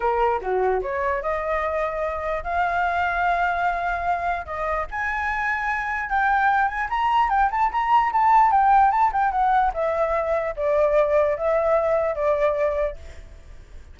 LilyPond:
\new Staff \with { instrumentName = "flute" } { \time 4/4 \tempo 4 = 148 ais'4 fis'4 cis''4 dis''4~ | dis''2 f''2~ | f''2. dis''4 | gis''2. g''4~ |
g''8 gis''8 ais''4 g''8 a''8 ais''4 | a''4 g''4 a''8 g''8 fis''4 | e''2 d''2 | e''2 d''2 | }